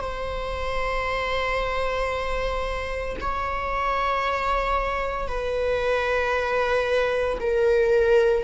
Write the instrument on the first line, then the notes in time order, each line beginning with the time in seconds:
viola
0.00 C5
3.21 C#5
5.28 B4
7.40 A#4